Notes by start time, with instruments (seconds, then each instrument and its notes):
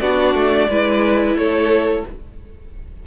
0.00 cello B3, viola D4, violin F#4 D5
0.34 cello A3
0.69 cello G#3, viola E4, violin B4
1.35 cello A3, violin A4 C#5